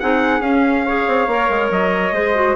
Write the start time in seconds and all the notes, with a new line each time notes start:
0.00 C4 D#4 G#4 F#5
0.40 C#4 F5
0.86 G#4 C#5
1.08 C4
1.27 A#3 A#4
1.49 G#3
1.71 F#3 D#5
2.12 G#3 G#4 C5
2.35 F#4